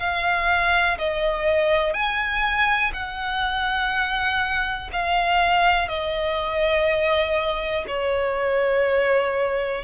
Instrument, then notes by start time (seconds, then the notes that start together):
violin
0.00 F5
0.99 D#5
1.94 G#5
2.94 F#5
4.93 F5
5.88 D#5
7.88 C#5